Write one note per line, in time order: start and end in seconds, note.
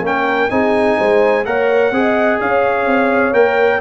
0.00 0.47 A#3
0.00 0.50 C#4
0.00 0.51 A#4
0.00 0.50 G5
0.50 0.97 C4
0.50 1.45 D#4
0.50 0.98 G#4
0.50 1.44 G#5
0.98 1.45 G#3
0.98 1.45 C5
1.45 1.91 A#3
1.45 1.93 A#4
1.45 1.94 C#5
1.45 2.40 F#5
1.91 2.38 C4
1.91 3.33 G#4
1.91 2.40 D#5
2.40 2.86 C#4
2.40 3.81 C#5
2.40 3.34 F5
2.86 3.33 C4
3.33 3.80 A#3
3.33 3.81 A#4
3.33 3.81 G5